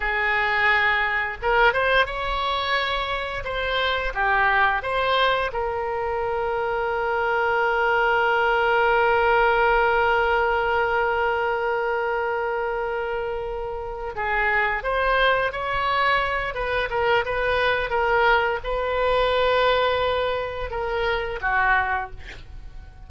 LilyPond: \new Staff \with { instrumentName = "oboe" } { \time 4/4 \tempo 4 = 87 gis'2 ais'8 c''8 cis''4~ | cis''4 c''4 g'4 c''4 | ais'1~ | ais'1~ |
ais'1~ | ais'8 gis'4 c''4 cis''4. | b'8 ais'8 b'4 ais'4 b'4~ | b'2 ais'4 fis'4 | }